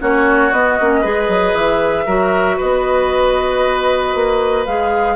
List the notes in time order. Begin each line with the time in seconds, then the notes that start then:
0.00 A#3 C#4 F#4 C#5
0.52 B3 D#5
0.80 A#3 C#4
1.01 G#3 G#4 B4
1.28 F#3
1.54 E3 E5
2.06 F#3 F#4 A#4
2.57 B3 B4 D#5
4.15 A#3
4.66 G#3 G#4 F5